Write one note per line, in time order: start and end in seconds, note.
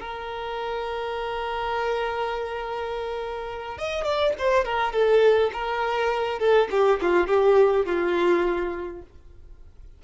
0.00 3.78 A#4
3.78 4.05 D#5
4.05 4.34 D5
4.38 4.65 C5
4.65 4.93 A#4
4.93 5.51 A4
5.53 6.39 A#4
6.39 6.68 A4
6.71 7.00 G4
7.02 7.27 F4
7.27 7.86 G4
7.86 9.02 F4